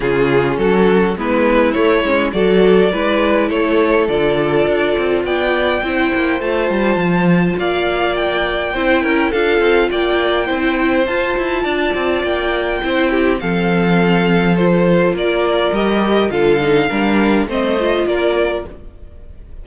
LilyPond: <<
  \new Staff \with { instrumentName = "violin" } { \time 4/4 \tempo 4 = 103 gis'4 a'4 b'4 cis''4 | d''2 cis''4 d''4~ | d''4 g''2 a''4~ | a''4 f''4 g''2 |
f''4 g''2 a''4~ | a''4 g''2 f''4~ | f''4 c''4 d''4 dis''4 | f''2 dis''4 d''4 | }
  \new Staff \with { instrumentName = "violin" } { \time 4/4 f'4 fis'4 e'2 | a'4 b'4 a'2~ | a'4 d''4 c''2~ | c''4 d''2 c''8 ais'8 |
a'4 d''4 c''2 | d''2 c''8 g'8 a'4~ | a'2 ais'2 | a'4 ais'4 c''4 ais'4 | }
  \new Staff \with { instrumentName = "viola" } { \time 4/4 cis'2 b4 a8 cis'8 | fis'4 e'2 f'4~ | f'2 e'4 f'4~ | f'2. e'4 |
f'2 e'4 f'4~ | f'2 e'4 c'4~ | c'4 f'2 g'4 | f'8 dis'8 d'4 c'8 f'4. | }
  \new Staff \with { instrumentName = "cello" } { \time 4/4 cis4 fis4 gis4 a8 gis8 | fis4 gis4 a4 d4 | d'8 c'8 b4 c'8 ais8 a8 g8 | f4 ais2 c'8 cis'8 |
d'8 c'8 ais4 c'4 f'8 e'8 | d'8 c'8 ais4 c'4 f4~ | f2 ais4 g4 | d4 g4 a4 ais4 | }
>>